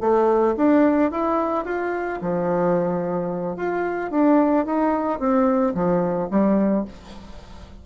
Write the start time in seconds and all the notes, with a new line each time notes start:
0.00 A3
0.57 D4
1.11 E4
1.65 F4
2.21 F3
3.56 F4
4.11 D4
4.65 D#4
5.19 C4
5.74 F3
6.30 G3